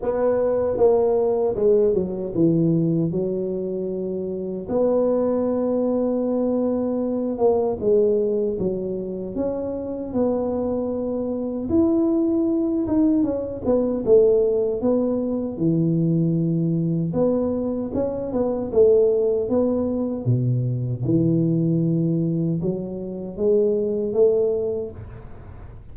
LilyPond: \new Staff \with { instrumentName = "tuba" } { \time 4/4 \tempo 4 = 77 b4 ais4 gis8 fis8 e4 | fis2 b2~ | b4. ais8 gis4 fis4 | cis'4 b2 e'4~ |
e'8 dis'8 cis'8 b8 a4 b4 | e2 b4 cis'8 b8 | a4 b4 b,4 e4~ | e4 fis4 gis4 a4 | }